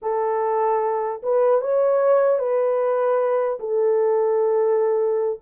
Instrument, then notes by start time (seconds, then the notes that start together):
horn
0.02 A4
1.22 B4
1.61 C#5
2.39 B4
3.59 A4